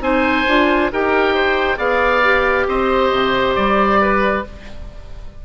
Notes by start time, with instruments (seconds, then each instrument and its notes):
0.00 bassoon C4, clarinet D#4, oboe C5 G#5
0.48 bassoon D4, clarinet F4
0.92 bassoon D#4, clarinet G4, oboe A#4 G5
1.35 oboe C5
1.77 bassoon B3, clarinet G#4, oboe D5 F5
2.24 clarinet G4
2.68 bassoon C4, oboe C5 D#5
3.12 bassoon C3
3.55 bassoon G3, oboe D5
4.01 oboe B4